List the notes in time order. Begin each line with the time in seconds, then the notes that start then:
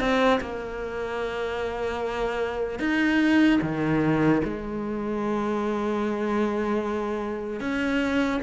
0.00 C4
0.41 A#3
2.80 D#4
3.62 D#3
4.44 G#3
7.60 C#4